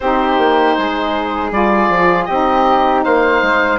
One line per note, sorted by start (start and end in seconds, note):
0.00 0.38 C4
0.00 1.52 D#4
0.00 0.77 G4
0.00 1.50 C5
0.38 0.76 A#3
0.78 1.51 G#3
0.78 2.27 G#4
1.51 1.88 G3
1.51 2.28 F4
1.51 2.24 D5
1.88 2.26 F3
2.24 3.05 C4
2.24 3.79 D#4
2.24 3.03 G4
2.24 3.00 D#5
3.04 3.42 A#3
3.04 3.79 C5
3.04 3.79 F5
3.42 3.79 G#3